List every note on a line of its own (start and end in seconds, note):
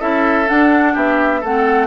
0.00 0.50 C#4
0.00 0.46 E4
0.00 0.94 A4
0.00 0.48 E5
0.46 1.42 D4
0.46 0.96 D4
0.46 0.96 F#5
0.94 1.43 B3
0.94 1.41 G4
0.94 1.44 E5
1.41 1.87 A3
1.41 1.87 C4
1.41 1.87 A4
1.41 1.87 F#5